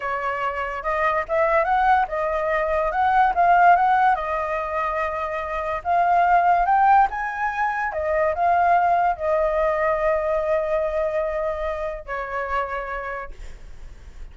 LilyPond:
\new Staff \with { instrumentName = "flute" } { \time 4/4 \tempo 4 = 144 cis''2 dis''4 e''4 | fis''4 dis''2 fis''4 | f''4 fis''4 dis''2~ | dis''2 f''2 |
g''4 gis''2 dis''4 | f''2 dis''2~ | dis''1~ | dis''4 cis''2. | }